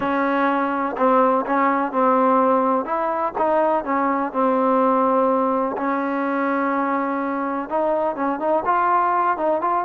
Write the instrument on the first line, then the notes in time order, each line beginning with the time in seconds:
trombone
0.00 C#4
0.97 C4
1.46 C#4
1.92 C4
2.85 E4
3.38 D#4
3.84 C#4
4.32 C4
5.77 C#4
7.69 D#4
8.15 C#4
8.39 D#4
8.65 F4
9.37 D#4
9.61 F4